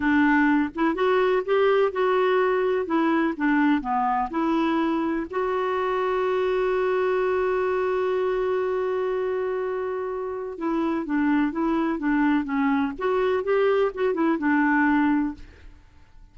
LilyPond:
\new Staff \with { instrumentName = "clarinet" } { \time 4/4 \tempo 4 = 125 d'4. e'8 fis'4 g'4 | fis'2 e'4 d'4 | b4 e'2 fis'4~ | fis'1~ |
fis'1~ | fis'2 e'4 d'4 | e'4 d'4 cis'4 fis'4 | g'4 fis'8 e'8 d'2 | }